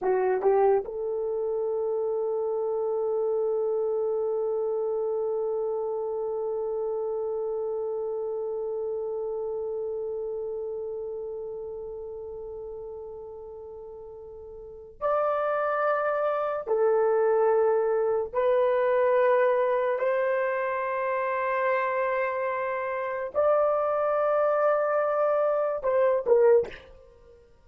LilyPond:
\new Staff \with { instrumentName = "horn" } { \time 4/4 \tempo 4 = 72 fis'8 g'8 a'2.~ | a'1~ | a'1~ | a'1~ |
a'2 d''2 | a'2 b'2 | c''1 | d''2. c''8 ais'8 | }